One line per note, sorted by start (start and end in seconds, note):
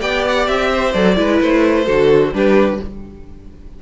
0.00 0.48 B3
0.00 0.93 G4
0.00 0.70 D5
0.00 0.24 G5
0.28 0.47 F#5
0.47 0.94 C4
0.47 0.93 E5
0.71 1.17 C5
0.93 1.17 F#3
0.93 1.16 A4
0.93 1.40 D5
1.16 1.41 G#3
1.16 1.85 E4
1.16 1.85 B4
1.41 1.88 A3
1.41 2.34 C5
1.85 2.33 D3
1.85 2.33 F#4
1.85 2.31 A4
2.33 2.80 G3
2.33 2.80 D4
2.33 2.82 G4
2.33 2.81 B4